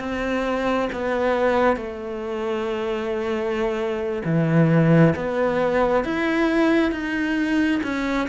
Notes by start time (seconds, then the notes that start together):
0.00 C4
0.93 B3
1.77 A3
4.25 E3
5.16 B3
6.04 E4
6.92 D#4
7.84 C#4